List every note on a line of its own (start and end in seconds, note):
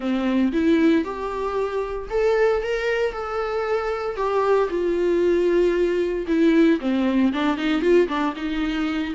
0.00 0.51 C4
0.52 1.04 E4
1.04 2.08 G4
2.10 2.62 A4
2.62 3.12 A#4
3.12 4.16 A4
4.16 4.68 G4
4.69 6.26 F4
6.27 6.79 E4
6.80 7.32 C4
7.32 7.57 D4
7.57 7.81 D#4
7.81 8.07 F4
8.08 8.34 D4
8.35 9.14 D#4